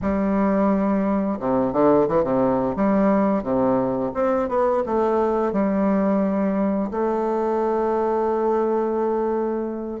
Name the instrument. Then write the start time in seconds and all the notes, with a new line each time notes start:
bassoon
0.01 G3
1.39 C3
1.72 D3
2.08 E3
2.23 C3
2.76 G3
3.43 C3
4.14 C4
4.48 B3
4.86 A3
5.52 G3
6.90 A3